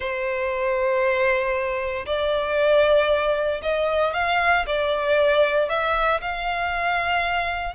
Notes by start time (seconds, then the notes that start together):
0.00 C5
2.05 D5
3.62 D#5
4.13 F5
4.66 D5
5.69 E5
6.21 F5